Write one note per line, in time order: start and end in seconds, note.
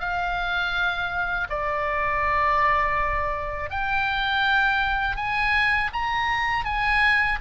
0.00 1.48 F5
1.49 3.70 D5
3.70 5.16 G5
5.16 5.91 G#5
5.93 6.65 A#5
6.65 7.39 G#5